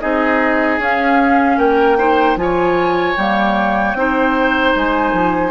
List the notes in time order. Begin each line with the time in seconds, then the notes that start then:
0.00 C4 D#4 G#4 D#5
0.78 C#4 F5
1.57 A#3 A#4 G5
1.98 D#4 C5
2.36 F3 F4 G#5
2.42 C#5
3.16 G3 A#3 G5
3.94 C4 D#4 C5
4.75 G#3 G#5
5.12 F3